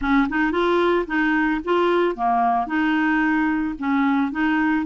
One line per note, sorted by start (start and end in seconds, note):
0.01 0.28 C#4
0.29 0.51 D#4
0.51 1.05 F4
1.06 1.60 D#4
1.64 2.15 F4
2.15 2.66 A#3
2.66 3.74 D#4
3.78 4.31 C#4
4.31 4.85 D#4